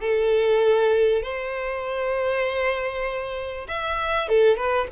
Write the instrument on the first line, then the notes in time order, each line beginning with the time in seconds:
violin
0.00 A4
1.22 C5
3.68 E5
4.28 A4
4.57 B4